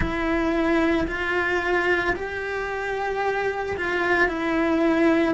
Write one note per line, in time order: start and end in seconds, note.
0.00 1.06 E4
1.07 2.14 F4
2.15 3.76 G4
3.76 4.28 F4
4.28 5.34 E4